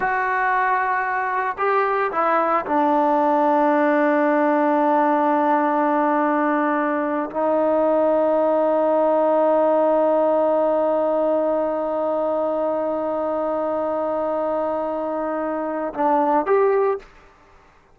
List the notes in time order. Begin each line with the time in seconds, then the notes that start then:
0.00 F#4
1.58 G4
2.11 E4
2.65 D4
7.30 D#4
15.93 D4
16.46 G4